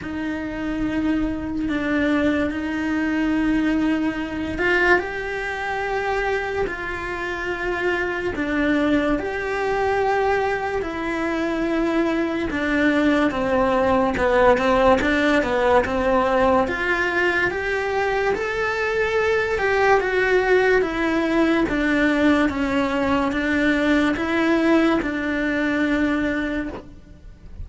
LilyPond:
\new Staff \with { instrumentName = "cello" } { \time 4/4 \tempo 4 = 72 dis'2 d'4 dis'4~ | dis'4. f'8 g'2 | f'2 d'4 g'4~ | g'4 e'2 d'4 |
c'4 b8 c'8 d'8 b8 c'4 | f'4 g'4 a'4. g'8 | fis'4 e'4 d'4 cis'4 | d'4 e'4 d'2 | }